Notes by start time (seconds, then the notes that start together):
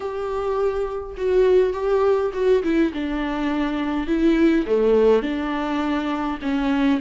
0.00 G4
1.17 F#4
1.73 G4
2.33 F#4
2.63 E4
2.93 D4
4.07 E4
4.66 A3
5.22 D4
6.42 C#4